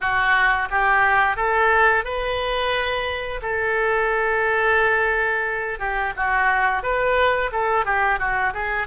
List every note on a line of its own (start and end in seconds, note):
0.00 0.68 F#4
0.70 1.36 G4
1.36 2.04 A4
2.04 3.40 B4
3.42 5.79 A4
5.79 6.13 G4
6.16 6.82 F#4
6.82 7.51 B4
7.52 7.85 A4
7.85 8.18 G4
8.18 8.53 F#4
8.53 8.87 G#4